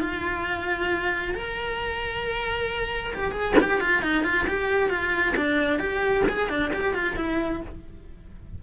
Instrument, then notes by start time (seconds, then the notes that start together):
cello
0.00 F4
1.34 A#4
3.14 G4
3.32 G#4
3.61 G4
3.80 F4
4.02 D#4
4.24 F4
4.48 G4
4.89 F4
5.36 D4
5.79 G4
6.29 G#4
6.49 D4
6.73 G4
6.94 F4
7.16 E4